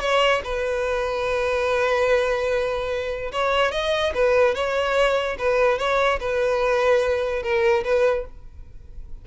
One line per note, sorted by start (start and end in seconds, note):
0.00 0.41 C#5
0.44 3.31 B4
3.32 3.72 C#5
3.72 4.13 D#5
4.14 4.54 B4
4.54 5.37 C#5
5.38 5.78 B4
5.78 6.19 C#5
6.20 7.43 B4
7.43 7.84 A#4
7.84 8.25 B4